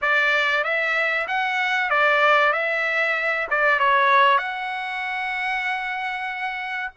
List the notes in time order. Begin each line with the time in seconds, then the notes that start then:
0.01 D5
0.63 E5
1.27 F#5
1.89 D5
2.53 E5
3.50 D5
3.79 C#5
4.38 F#5